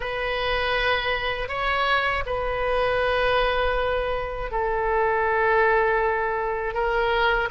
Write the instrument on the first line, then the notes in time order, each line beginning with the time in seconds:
oboe
0.00 B4
1.48 C#5
2.26 B4
4.51 A4
6.74 A#4